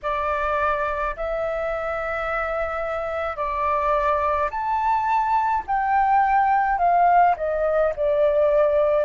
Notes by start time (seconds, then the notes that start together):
0.02 D5
1.16 E5
3.36 D5
4.50 A5
5.67 G5
6.78 F5
7.36 D#5
7.96 D5